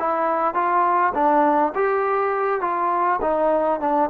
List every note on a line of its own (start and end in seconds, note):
0.00 0.55 E4
0.55 1.13 F4
1.15 1.74 D4
1.75 2.61 G4
2.61 3.20 F4
3.22 3.81 D#4
3.81 4.10 D4